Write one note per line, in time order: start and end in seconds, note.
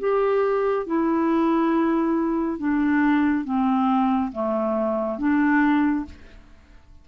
0.00 0.87 G4
0.87 2.59 E4
2.59 3.45 D4
3.45 4.32 C4
4.32 5.19 A3
5.19 6.06 D4